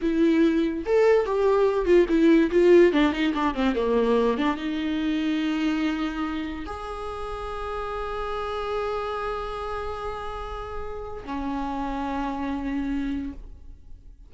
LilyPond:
\new Staff \with { instrumentName = "viola" } { \time 4/4 \tempo 4 = 144 e'2 a'4 g'4~ | g'8 f'8 e'4 f'4 d'8 dis'8 | d'8 c'8 ais4. d'8 dis'4~ | dis'1 |
gis'1~ | gis'1~ | gis'2. cis'4~ | cis'1 | }